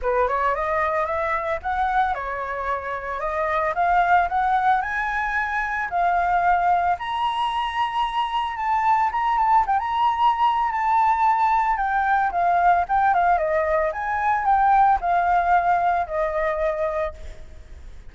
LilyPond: \new Staff \with { instrumentName = "flute" } { \time 4/4 \tempo 4 = 112 b'8 cis''8 dis''4 e''4 fis''4 | cis''2 dis''4 f''4 | fis''4 gis''2 f''4~ | f''4 ais''2. |
a''4 ais''8 a''8 g''16 ais''4.~ ais''16 | a''2 g''4 f''4 | g''8 f''8 dis''4 gis''4 g''4 | f''2 dis''2 | }